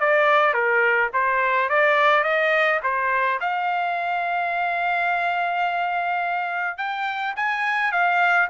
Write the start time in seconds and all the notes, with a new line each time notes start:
0.00 D5
0.54 A#4
1.13 C5
1.69 D5
2.24 D#5
2.83 C5
3.40 F5
6.78 G5
7.36 G#5
7.92 F5